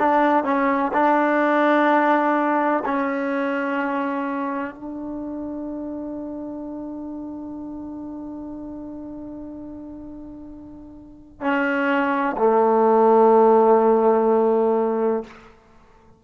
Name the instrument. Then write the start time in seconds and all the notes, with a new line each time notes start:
trombone
0.00 D4
0.45 C#4
0.94 D4
2.86 C#4
4.75 D4
11.41 C#4
12.38 A3